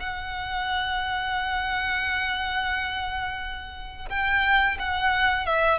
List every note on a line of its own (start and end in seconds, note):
0.00 4.09 F#5
4.10 4.78 G5
4.79 5.46 F#5
5.46 5.79 E5